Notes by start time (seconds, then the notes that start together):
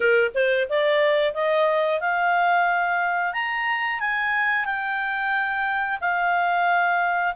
0.00 A#4
0.34 C5
0.69 D5
1.34 D#5
2.00 F5
3.33 A#5
3.99 G#5
4.65 G5
6.00 F5